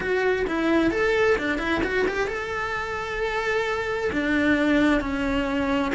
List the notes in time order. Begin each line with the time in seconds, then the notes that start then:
0.00 F#4
0.47 E4
0.90 A4
1.37 D4
1.58 E4
1.83 F#4
2.07 G4
2.27 A4
4.12 D4
5.00 C#4